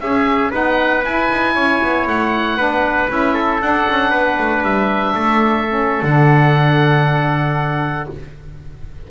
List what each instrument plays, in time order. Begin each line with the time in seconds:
0.00 double bass C#4, saxophone C#4, trumpet G#4, oboe E5
0.50 double bass B3, saxophone D#4, trumpet B4, oboe F#5
1.04 double bass E4, saxophone E4, oboe G#5
1.30 double bass D#4
1.54 double bass C#4, trumpet C#5
1.82 double bass B3
2.07 double bass A3, oboe F#5
2.57 double bass B3, saxophone D4, trumpet B4
3.09 double bass C#4, saxophone E4, oboe E5
3.34 trumpet A4
3.60 saxophone D4, double bass D4, oboe F#5
3.89 double bass C#4
4.10 double bass B3, trumpet B4
4.38 double bass A3
4.62 double bass G3, oboe E5
5.14 double bass A3, trumpet A4
5.67 saxophone C#4
6.02 double bass D3, saxophone D4, oboe F#5